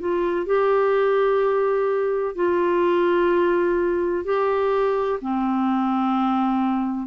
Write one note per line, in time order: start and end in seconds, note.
0.00 0.46 F4
0.46 2.35 G4
2.35 4.25 F4
4.25 5.20 G4
5.22 7.07 C4